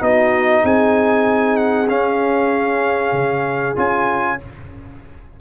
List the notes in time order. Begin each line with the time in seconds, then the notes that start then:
0.00 B3 D#4 F#4 D#5
0.63 C4 G#4 G#5
1.57 F#5
1.88 C#4 F5
3.12 C#3
3.76 C#4 F4 G#5